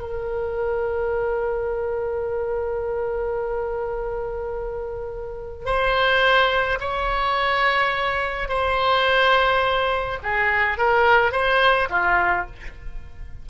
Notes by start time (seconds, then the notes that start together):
0.00 A#4
5.66 C5
6.81 C#5
8.49 C5
10.23 G#4
10.78 A#4
11.32 C5
11.90 F4